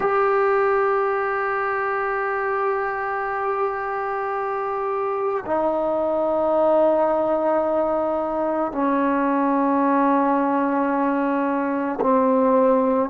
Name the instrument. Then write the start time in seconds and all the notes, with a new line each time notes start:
trombone
0.00 G4
5.45 D#4
8.72 C#4
12.00 C4